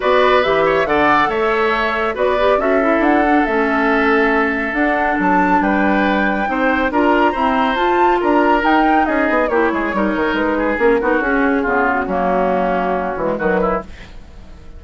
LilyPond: <<
  \new Staff \with { instrumentName = "flute" } { \time 4/4 \tempo 4 = 139 d''4 e''4 fis''4 e''4~ | e''4 d''4 e''4 fis''4 | e''2. fis''4 | a''4 g''2. |
ais''2 a''4 ais''4 | g''4 dis''4 cis''2 | b'4 ais'4 gis'4. fis'8~ | fis'2. b'4 | }
  \new Staff \with { instrumentName = "oboe" } { \time 4/4 b'4. cis''8 d''4 cis''4~ | cis''4 b'4 a'2~ | a'1~ | a'4 b'2 c''4 |
ais'4 c''2 ais'4~ | ais'4 gis'4 g'8 gis'8 ais'4~ | ais'8 gis'4 fis'4. f'4 | cis'2. fis'8 e'8 | }
  \new Staff \with { instrumentName = "clarinet" } { \time 4/4 fis'4 g'4 a'2~ | a'4 fis'8 g'8 fis'8 e'4 d'8 | cis'2. d'4~ | d'2. dis'4 |
f'4 c'4 f'2 | dis'2 e'4 dis'4~ | dis'4 cis'8 dis'8 cis'4 b4 | ais2~ ais8 gis8 fis4 | }
  \new Staff \with { instrumentName = "bassoon" } { \time 4/4 b4 e4 d4 a4~ | a4 b4 cis'4 d'4 | a2. d'4 | fis4 g2 c'4 |
d'4 e'4 f'4 d'4 | dis'4 cis'8 b8 ais8 gis8 g8 dis8 | gis4 ais8 b8 cis'4 cis4 | fis2~ fis8 e8 dis4 | }
>>